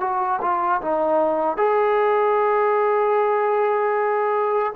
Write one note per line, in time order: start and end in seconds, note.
0.00 0.39 F#4
0.41 0.81 F4
0.81 1.57 D#4
1.57 4.73 G#4